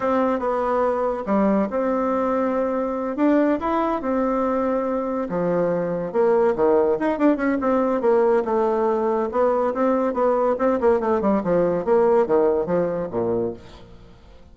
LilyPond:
\new Staff \with { instrumentName = "bassoon" } { \time 4/4 \tempo 4 = 142 c'4 b2 g4 | c'2.~ c'8 d'8~ | d'8 e'4 c'2~ c'8~ | c'8 f2 ais4 dis8~ |
dis8 dis'8 d'8 cis'8 c'4 ais4 | a2 b4 c'4 | b4 c'8 ais8 a8 g8 f4 | ais4 dis4 f4 ais,4 | }